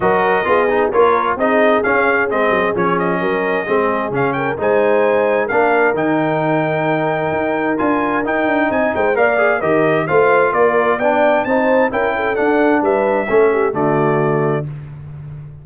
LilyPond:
<<
  \new Staff \with { instrumentName = "trumpet" } { \time 4/4 \tempo 4 = 131 dis''2 cis''4 dis''4 | f''4 dis''4 cis''8 dis''4.~ | dis''4 f''8 g''8 gis''2 | f''4 g''2.~ |
g''4 gis''4 g''4 gis''8 g''8 | f''4 dis''4 f''4 d''4 | g''4 a''4 g''4 fis''4 | e''2 d''2 | }
  \new Staff \with { instrumentName = "horn" } { \time 4/4 ais'4 gis'4 ais'4 gis'4~ | gis'2. ais'4 | gis'4. ais'8 c''2 | ais'1~ |
ais'2. dis''8 c''8 | d''4 ais'4 c''4 ais'4 | d''4 c''4 ais'8 a'4. | b'4 a'8 g'8 fis'2 | }
  \new Staff \with { instrumentName = "trombone" } { \time 4/4 fis'4 f'8 dis'8 f'4 dis'4 | cis'4 c'4 cis'2 | c'4 cis'4 dis'2 | d'4 dis'2.~ |
dis'4 f'4 dis'2 | ais'8 gis'8 g'4 f'2 | d'4 dis'4 e'4 d'4~ | d'4 cis'4 a2 | }
  \new Staff \with { instrumentName = "tuba" } { \time 4/4 fis4 b4 ais4 c'4 | cis'4 gis8 fis8 f4 fis4 | gis4 cis4 gis2 | ais4 dis2. |
dis'4 d'4 dis'8 d'8 c'8 gis8 | ais4 dis4 a4 ais4 | b4 c'4 cis'4 d'4 | g4 a4 d2 | }
>>